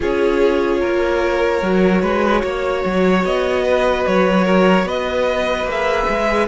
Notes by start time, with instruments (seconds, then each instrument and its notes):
0.00 cello C#4, viola F4, violin G#4 C#5
0.80 cello A#3, violin A#4
1.62 cello F#3, viola F#4
2.01 cello G#3, violin B4
2.43 cello A#3, violin C#5
2.85 cello F#3
3.24 cello B3, violin D#5
3.63 violin B4
4.06 cello F#3, violin C#5
4.44 violin A#4
4.84 cello B3, violin B4 D#5
5.63 cello A#3, viola G#4
5.71 violin E5
6.08 cello G#3